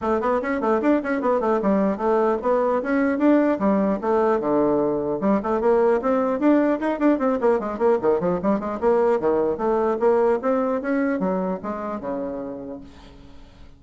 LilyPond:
\new Staff \with { instrumentName = "bassoon" } { \time 4/4 \tempo 4 = 150 a8 b8 cis'8 a8 d'8 cis'8 b8 a8 | g4 a4 b4 cis'4 | d'4 g4 a4 d4~ | d4 g8 a8 ais4 c'4 |
d'4 dis'8 d'8 c'8 ais8 gis8 ais8 | dis8 f8 g8 gis8 ais4 dis4 | a4 ais4 c'4 cis'4 | fis4 gis4 cis2 | }